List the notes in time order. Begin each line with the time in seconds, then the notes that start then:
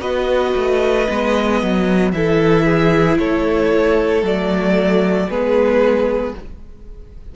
0.00 B3 F#4 B4 D#5
0.55 A3
1.09 G#3 B3
1.62 F#3
2.12 E3 E4 A4 E5
2.66 G#4
3.19 A3 A4 C#5
4.23 F#3 A3 D5
5.29 G#3 B3 G#4 B4